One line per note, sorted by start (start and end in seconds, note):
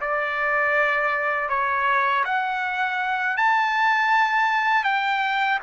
0.00 1.49 D5
1.49 2.24 C#5
2.24 3.36 F#5
3.36 4.83 A5
4.83 5.58 G5